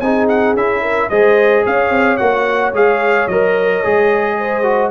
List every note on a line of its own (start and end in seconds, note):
0.00 0.54 C4
0.00 0.57 D#4
0.00 0.82 G#4
0.00 0.27 G#5
0.29 0.56 F#5
0.54 1.09 C#4
0.54 1.11 E4
0.54 1.10 E5
0.82 1.09 A#4
1.10 1.66 G#3
1.10 2.19 G#4
1.10 1.65 C5
1.10 1.64 D#5
1.65 1.90 C#4
1.65 4.37 C#5
1.65 2.17 F5
1.90 2.18 C4
2.17 2.72 A#3
2.17 2.73 F#4
2.17 2.72 F#5
2.72 3.27 G#3
2.72 3.29 G#4
2.72 3.28 F5
3.28 3.83 F#3
3.28 3.84 A#4
3.28 4.92 D#5
3.84 4.92 G#3
3.84 4.64 G#4
4.38 4.92 C5
4.64 4.91 F#4